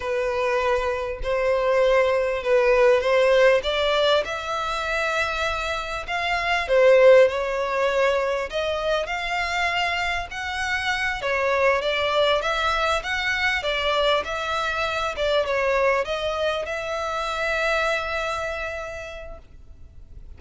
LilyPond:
\new Staff \with { instrumentName = "violin" } { \time 4/4 \tempo 4 = 99 b'2 c''2 | b'4 c''4 d''4 e''4~ | e''2 f''4 c''4 | cis''2 dis''4 f''4~ |
f''4 fis''4. cis''4 d''8~ | d''8 e''4 fis''4 d''4 e''8~ | e''4 d''8 cis''4 dis''4 e''8~ | e''1 | }